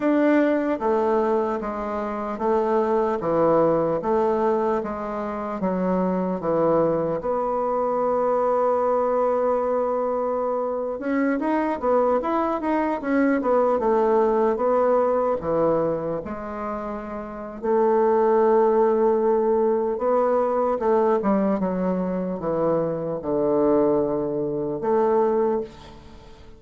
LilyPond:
\new Staff \with { instrumentName = "bassoon" } { \time 4/4 \tempo 4 = 75 d'4 a4 gis4 a4 | e4 a4 gis4 fis4 | e4 b2.~ | b4.~ b16 cis'8 dis'8 b8 e'8 dis'16~ |
dis'16 cis'8 b8 a4 b4 e8.~ | e16 gis4.~ gis16 a2~ | a4 b4 a8 g8 fis4 | e4 d2 a4 | }